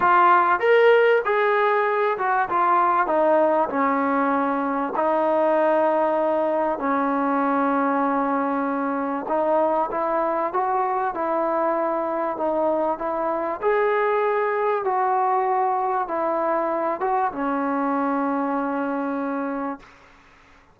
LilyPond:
\new Staff \with { instrumentName = "trombone" } { \time 4/4 \tempo 4 = 97 f'4 ais'4 gis'4. fis'8 | f'4 dis'4 cis'2 | dis'2. cis'4~ | cis'2. dis'4 |
e'4 fis'4 e'2 | dis'4 e'4 gis'2 | fis'2 e'4. fis'8 | cis'1 | }